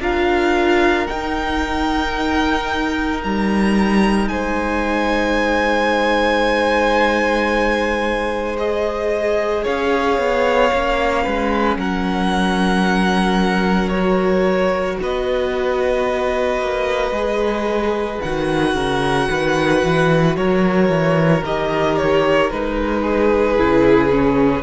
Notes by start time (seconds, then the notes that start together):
0.00 D4 F4 A#4 F5
1.07 D#4 G5
3.24 G3 A#5
4.28 G#3 C5 G#5
8.57 G#4 D#5
9.63 C#4 C#5 F5
10.18 B3
10.72 A#3 C#4
11.23 G#3 B4
11.76 F#3 A#4 F#5
13.89 F#4 C#5
15.01 B3 B4 D#5
16.61 A#3
17.11 G#3 G#4
18.21 D#3 F#4 F#5
18.74 C#3 A#4
19.30 D#3 B4
19.83 E3
20.36 F#3 A#4 C#5
20.89 E3
21.44 D#3 G4 D#5
21.97 C#5
22.50 G#3 D#4 B4
23.02 G#4
23.57 C#3 E4
24.10 C#4